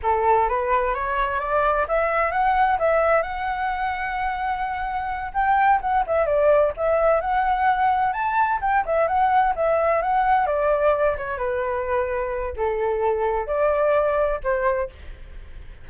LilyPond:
\new Staff \with { instrumentName = "flute" } { \time 4/4 \tempo 4 = 129 a'4 b'4 cis''4 d''4 | e''4 fis''4 e''4 fis''4~ | fis''2.~ fis''8 g''8~ | g''8 fis''8 e''8 d''4 e''4 fis''8~ |
fis''4. a''4 g''8 e''8 fis''8~ | fis''8 e''4 fis''4 d''4. | cis''8 b'2~ b'8 a'4~ | a'4 d''2 c''4 | }